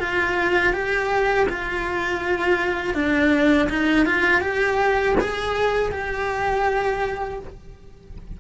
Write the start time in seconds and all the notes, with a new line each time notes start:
0.00 F4
0.73 G4
1.49 F4
2.95 D4
3.70 D#4
4.06 F4
4.41 G4
5.20 G#4
5.92 G4